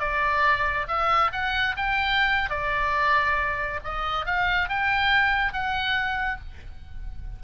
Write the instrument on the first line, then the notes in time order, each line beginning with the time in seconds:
oboe
0.00 D5
0.88 E5
1.32 F#5
1.77 G5
2.50 D5
3.84 D#5
4.26 F5
4.69 G5
5.53 F#5